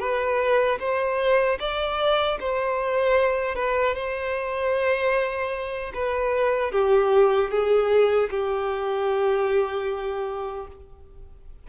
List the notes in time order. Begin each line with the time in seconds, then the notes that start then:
0.00 B4
0.80 C5
1.60 D5
2.40 C5
3.56 B4
3.95 C5
5.94 B4
6.72 G4
7.51 G#4
8.31 G4